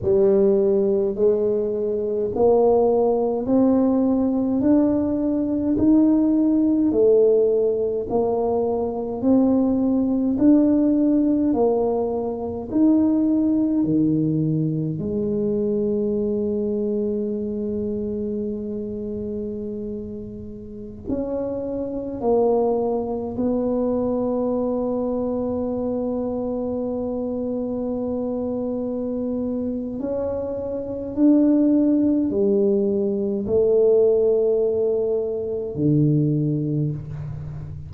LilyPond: \new Staff \with { instrumentName = "tuba" } { \time 4/4 \tempo 4 = 52 g4 gis4 ais4 c'4 | d'4 dis'4 a4 ais4 | c'4 d'4 ais4 dis'4 | dis4 gis2.~ |
gis2~ gis16 cis'4 ais8.~ | ais16 b2.~ b8.~ | b2 cis'4 d'4 | g4 a2 d4 | }